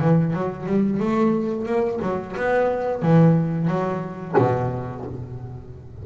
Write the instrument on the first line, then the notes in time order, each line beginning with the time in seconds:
double bass
0.00 E3
0.33 F#3
0.66 G3
1.00 A3
1.66 A#3
2.02 F#3
2.37 B3
3.02 E3
3.68 F#3
4.38 B2